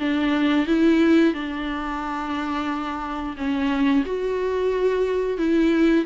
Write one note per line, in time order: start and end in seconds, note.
0.00 0.67 D4
0.67 1.34 E4
1.34 3.36 D4
3.37 4.05 C#4
4.06 5.38 F#4
5.38 6.06 E4